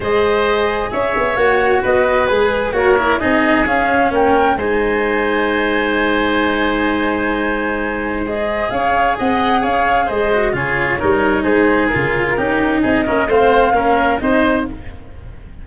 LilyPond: <<
  \new Staff \with { instrumentName = "flute" } { \time 4/4 \tempo 4 = 131 dis''2 e''4 fis''4 | dis''4 b'4 cis''4 dis''4 | f''4 g''4 gis''2~ | gis''1~ |
gis''2 dis''4 f''4 | fis''4 f''4 dis''4 cis''4~ | cis''4 c''4 ais'2 | dis''4 f''2 dis''4 | }
  \new Staff \with { instrumentName = "oboe" } { \time 4/4 c''2 cis''2 | b'2 ais'4 gis'4~ | gis'4 ais'4 c''2~ | c''1~ |
c''2. cis''4 | dis''4 cis''4 c''4 gis'4 | ais'4 gis'2 g'4 | gis'8 ais'8 c''4 ais'4 c''4 | }
  \new Staff \with { instrumentName = "cello" } { \time 4/4 gis'2. fis'4~ | fis'4 gis'4 fis'8 e'8 dis'4 | cis'2 dis'2~ | dis'1~ |
dis'2 gis'2~ | gis'2~ gis'8 fis'8 f'4 | dis'2 f'4 dis'4~ | dis'8 cis'8 c'4 cis'4 dis'4 | }
  \new Staff \with { instrumentName = "tuba" } { \time 4/4 gis2 cis'8 b8 ais4 | b4 gis4 ais4 c'4 | cis'4 ais4 gis2~ | gis1~ |
gis2. cis'4 | c'4 cis'4 gis4 cis4 | g4 gis4 cis4 cis'4 | c'8 ais8 a4 ais4 c'4 | }
>>